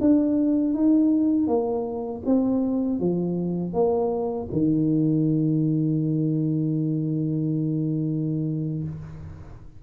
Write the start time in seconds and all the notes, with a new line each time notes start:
0.00 D4
0.74 D#4
1.47 A#3
2.25 C4
2.99 F3
3.73 A#3
4.52 D#3